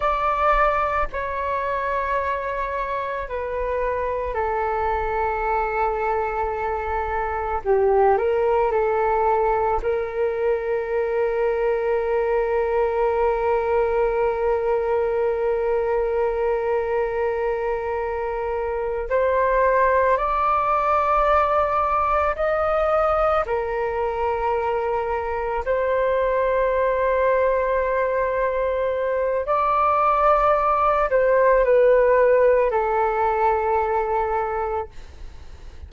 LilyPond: \new Staff \with { instrumentName = "flute" } { \time 4/4 \tempo 4 = 55 d''4 cis''2 b'4 | a'2. g'8 ais'8 | a'4 ais'2.~ | ais'1~ |
ais'4. c''4 d''4.~ | d''8 dis''4 ais'2 c''8~ | c''2. d''4~ | d''8 c''8 b'4 a'2 | }